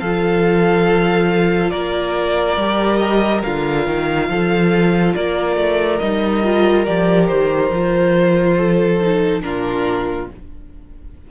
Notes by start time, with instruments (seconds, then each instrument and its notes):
0.00 cello F3, viola F4, violin A4 F5
1.71 cello A#3, violin A#4 D5
2.57 cello G3, viola G4
2.97 violin D#5
3.43 cello D3, viola F4, violin F5
3.87 cello D#3
4.29 cello F3, violin A4
5.15 cello A#3, violin A#4 D5
5.57 cello A3
5.99 cello G3, viola D#4, violin D#5
6.44 viola F4
6.86 cello F3, viola G4, violin D5
7.27 cello D#3, violin C5
7.71 cello F3, viola F4
8.56 violin A4
9.01 viola D#4
9.41 cello A#2, viola D4, violin F4 A#4